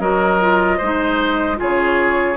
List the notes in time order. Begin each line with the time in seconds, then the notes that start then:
0.00 F#3 F#4 A#4 D#5
0.41 F4
0.78 G#3 D#4 C5
1.56 C#3 F4 G#4 C#5